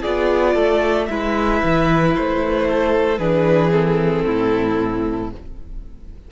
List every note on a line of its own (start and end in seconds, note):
0.00 0.55 B3
0.00 1.08 F4
0.00 0.53 G#4
0.00 1.05 D5
0.53 1.08 A3
0.53 1.05 A4
1.05 1.62 G#3
1.05 3.18 E4
1.05 2.67 B4
1.05 2.11 E5
1.63 2.16 E3
2.15 3.18 A3
2.15 3.18 C5
2.67 3.20 A4
3.18 4.23 E3
3.18 3.70 D4
3.18 4.25 G#4
3.18 3.70 B4
3.70 5.28 C4
3.70 5.30 A4
4.25 5.31 A2
4.25 5.30 E4